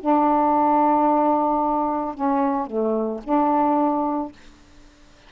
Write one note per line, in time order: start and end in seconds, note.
0.00 2.14 D4
2.14 2.66 C#4
2.66 3.20 A3
3.24 4.32 D4